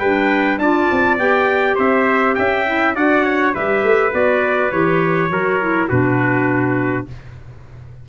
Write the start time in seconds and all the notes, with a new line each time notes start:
0.00 G3 D4 B4 G5
0.58 D4 F4 D5 A5
0.92 C4
1.19 B3 G4 G5
1.76 C4 C5 E5
2.35 C#4 E5 G5
2.67 E4
2.96 D4 F#4 D5 F#5
3.25 C#5
3.54 G3 G4 B4 E5
3.84 A3
4.12 B3 F#4 D5
4.72 E3 G4 C#5
5.31 F#3 F#4 A#4
5.61 E4
5.89 B2 D4 F#4 B4